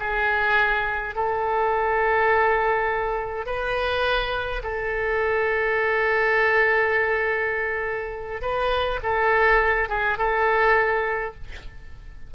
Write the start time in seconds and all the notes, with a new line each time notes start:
0.00 G#4
1.15 A4
3.46 B4
4.63 A4
8.42 B4
9.03 A4
9.89 G#4
10.18 A4